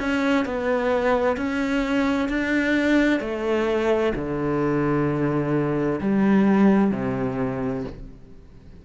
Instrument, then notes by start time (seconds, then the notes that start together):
cello
0.00 C#4
0.46 B3
1.37 C#4
2.29 D4
3.21 A3
4.15 D3
6.01 G3
6.92 C3